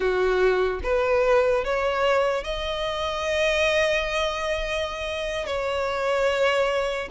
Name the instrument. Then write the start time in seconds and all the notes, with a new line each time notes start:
violin
0.00 F#4
0.83 B4
1.64 C#5
2.43 D#5
5.46 C#5